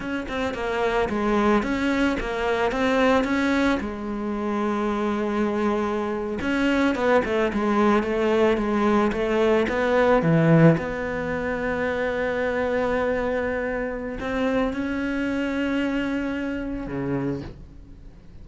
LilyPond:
\new Staff \with { instrumentName = "cello" } { \time 4/4 \tempo 4 = 110 cis'8 c'8 ais4 gis4 cis'4 | ais4 c'4 cis'4 gis4~ | gis2.~ gis8. cis'16~ | cis'8. b8 a8 gis4 a4 gis16~ |
gis8. a4 b4 e4 b16~ | b1~ | b2 c'4 cis'4~ | cis'2. cis4 | }